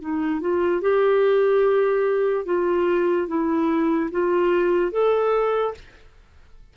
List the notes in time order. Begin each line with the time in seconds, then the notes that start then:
0.00 D#4
0.40 F4
0.81 G4
2.45 F4
3.27 E4
4.11 F4
4.91 A4